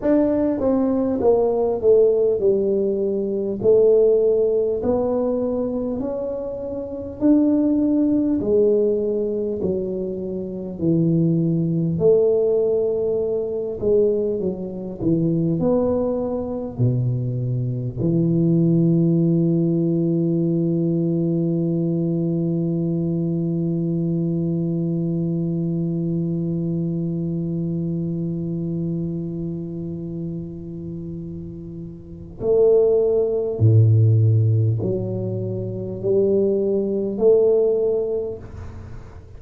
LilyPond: \new Staff \with { instrumentName = "tuba" } { \time 4/4 \tempo 4 = 50 d'8 c'8 ais8 a8 g4 a4 | b4 cis'4 d'4 gis4 | fis4 e4 a4. gis8 | fis8 e8 b4 b,4 e4~ |
e1~ | e1~ | e2. a4 | a,4 fis4 g4 a4 | }